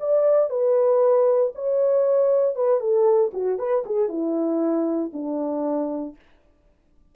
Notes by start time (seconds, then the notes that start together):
0.00 D5
0.50 B4
1.55 C#5
2.56 B4
2.80 A4
3.34 F#4
3.59 B4
3.86 G#4
4.09 E4
5.13 D4